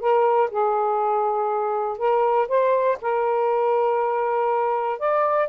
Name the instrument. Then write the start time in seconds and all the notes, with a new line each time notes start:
saxophone
0.00 A#4
0.51 G#4
1.98 A#4
2.48 C5
3.02 A#4
5.00 D5